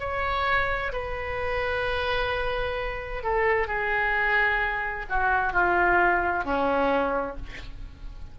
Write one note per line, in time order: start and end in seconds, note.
0.00 0.92 C#5
0.92 3.23 B4
3.23 3.68 A4
3.68 5.06 G#4
5.09 5.53 F#4
5.53 6.44 F4
6.44 7.37 C#4